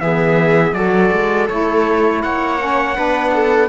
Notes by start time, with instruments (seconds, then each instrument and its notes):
0.00 cello E3, saxophone B3, viola G#4, trumpet E5
0.73 cello F#3, saxophone F#4, viola A4, trumpet D5
1.12 cello G#3
1.48 cello A3, saxophone E4, trumpet C#5
2.22 cello A#3, viola C#5, trumpet F#5
2.58 saxophone C#4
2.95 cello B3, saxophone D4, viola B4
3.33 viola A4